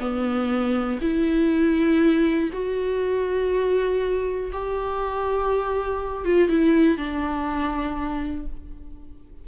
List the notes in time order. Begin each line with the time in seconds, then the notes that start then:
0.00 B3
1.02 E4
2.53 F#4
4.53 G4
6.25 F4
6.50 E4
6.98 D4